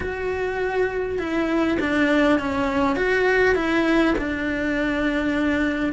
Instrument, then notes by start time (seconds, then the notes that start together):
cello
0.00 F#4
1.18 E4
1.80 D4
2.39 C#4
2.96 F#4
3.55 E4
4.18 D4